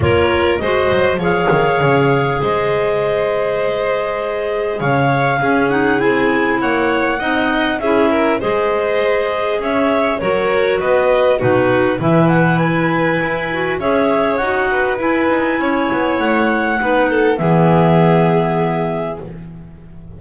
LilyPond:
<<
  \new Staff \with { instrumentName = "clarinet" } { \time 4/4 \tempo 4 = 100 cis''4 dis''4 f''2 | dis''1 | f''4. fis''8 gis''4 fis''4~ | fis''4 e''4 dis''2 |
e''4 cis''4 dis''4 b'4 | e''8 fis''8 gis''2 e''4 | fis''4 gis''2 fis''4~ | fis''4 e''2. | }
  \new Staff \with { instrumentName = "violin" } { \time 4/4 ais'4 c''4 cis''2 | c''1 | cis''4 gis'2 cis''4 | dis''4 gis'8 ais'8 c''2 |
cis''4 ais'4 b'4 fis'4 | b'2. cis''4~ | cis''8 b'4. cis''2 | b'8 a'8 gis'2. | }
  \new Staff \with { instrumentName = "clarinet" } { \time 4/4 f'4 fis'4 gis'2~ | gis'1~ | gis'4 cis'8 dis'8 e'2 | dis'4 e'4 gis'2~ |
gis'4 fis'2 dis'4 | e'2~ e'8 fis'8 gis'4 | fis'4 e'2. | dis'4 b2. | }
  \new Staff \with { instrumentName = "double bass" } { \time 4/4 ais4 gis8 fis8 f8 dis8 cis4 | gis1 | cis4 cis'4 c'4 ais4 | c'4 cis'4 gis2 |
cis'4 fis4 b4 b,4 | e2 e'4 cis'4 | dis'4 e'8 dis'8 cis'8 b8 a4 | b4 e2. | }
>>